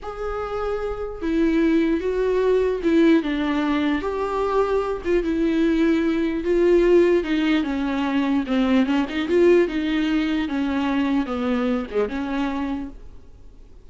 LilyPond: \new Staff \with { instrumentName = "viola" } { \time 4/4 \tempo 4 = 149 gis'2. e'4~ | e'4 fis'2 e'4 | d'2 g'2~ | g'8 f'8 e'2. |
f'2 dis'4 cis'4~ | cis'4 c'4 cis'8 dis'8 f'4 | dis'2 cis'2 | b4. gis8 cis'2 | }